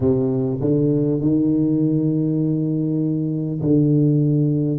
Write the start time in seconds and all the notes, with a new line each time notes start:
0.00 C3
0.60 D3
1.21 D#3
3.61 D3